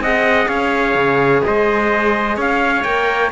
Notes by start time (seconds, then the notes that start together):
0.00 C4 G#4 D#5 F#5
0.49 C#4 C#5 F5
0.95 C#3
1.45 G#3 C5 D#5
2.37 C#4 C#5 F5
2.84 A#3 A#4 G5